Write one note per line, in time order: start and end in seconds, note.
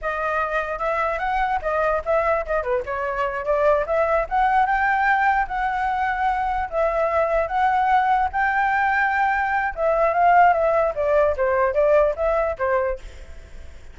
0.01 0.78 D#5
0.78 1.19 E5
1.19 1.59 F#5
1.61 2.02 D#5
2.05 2.45 E5
2.45 2.62 D#5
2.62 2.83 B4
2.85 3.44 C#5
3.44 3.85 D5
3.86 4.26 E5
4.29 4.65 F#5
4.65 5.47 G5
5.47 6.69 F#5
6.69 7.47 E5
7.47 8.28 F#5
8.32 9.74 G5
9.75 10.13 E5
10.13 10.53 F5
10.53 10.93 E5
10.95 11.35 D5
11.36 11.73 C5
11.73 12.14 D5
12.16 12.56 E5
12.58 12.99 C5